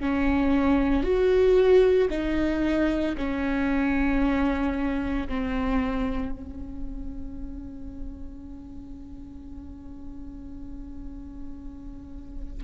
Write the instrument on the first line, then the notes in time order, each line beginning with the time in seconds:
viola
0.00 C#4
1.03 F#4
2.10 D#4
3.17 C#4
5.28 C4
6.32 C#4